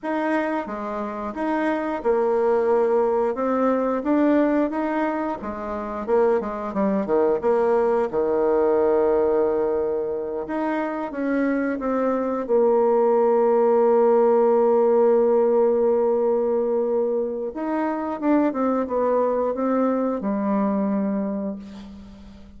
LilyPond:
\new Staff \with { instrumentName = "bassoon" } { \time 4/4 \tempo 4 = 89 dis'4 gis4 dis'4 ais4~ | ais4 c'4 d'4 dis'4 | gis4 ais8 gis8 g8 dis8 ais4 | dis2.~ dis8 dis'8~ |
dis'8 cis'4 c'4 ais4.~ | ais1~ | ais2 dis'4 d'8 c'8 | b4 c'4 g2 | }